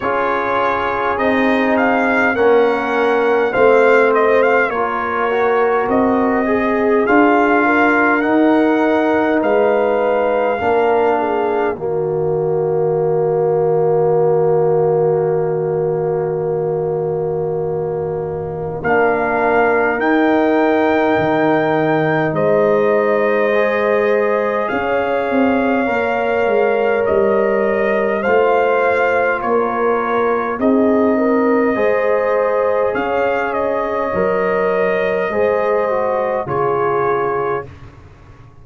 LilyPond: <<
  \new Staff \with { instrumentName = "trumpet" } { \time 4/4 \tempo 4 = 51 cis''4 dis''8 f''8 fis''4 f''8 dis''16 f''16 | cis''4 dis''4 f''4 fis''4 | f''2 dis''2~ | dis''1 |
f''4 g''2 dis''4~ | dis''4 f''2 dis''4 | f''4 cis''4 dis''2 | f''8 dis''2~ dis''8 cis''4 | }
  \new Staff \with { instrumentName = "horn" } { \time 4/4 gis'2 ais'4 c''4 | ais'4. gis'4 ais'4. | b'4 ais'8 gis'8 fis'2~ | fis'1 |
ais'2. c''4~ | c''4 cis''2. | c''4 ais'4 gis'8 ais'8 c''4 | cis''2 c''4 gis'4 | }
  \new Staff \with { instrumentName = "trombone" } { \time 4/4 f'4 dis'4 cis'4 c'4 | f'8 fis'4 gis'8 f'4 dis'4~ | dis'4 d'4 ais2~ | ais1 |
d'4 dis'2. | gis'2 ais'2 | f'2 dis'4 gis'4~ | gis'4 ais'4 gis'8 fis'8 f'4 | }
  \new Staff \with { instrumentName = "tuba" } { \time 4/4 cis'4 c'4 ais4 a4 | ais4 c'4 d'4 dis'4 | gis4 ais4 dis2~ | dis1 |
ais4 dis'4 dis4 gis4~ | gis4 cis'8 c'8 ais8 gis8 g4 | a4 ais4 c'4 gis4 | cis'4 fis4 gis4 cis4 | }
>>